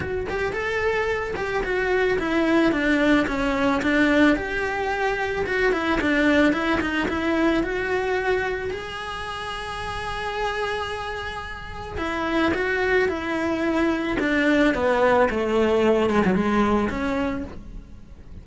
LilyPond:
\new Staff \with { instrumentName = "cello" } { \time 4/4 \tempo 4 = 110 fis'8 g'8 a'4. g'8 fis'4 | e'4 d'4 cis'4 d'4 | g'2 fis'8 e'8 d'4 | e'8 dis'8 e'4 fis'2 |
gis'1~ | gis'2 e'4 fis'4 | e'2 d'4 b4 | a4. gis16 fis16 gis4 cis'4 | }